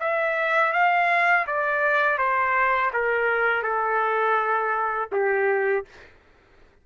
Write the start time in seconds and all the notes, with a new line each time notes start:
0.00 E5
0.73 F5
1.47 D5
2.18 C5
2.93 A#4
3.63 A4
5.12 G4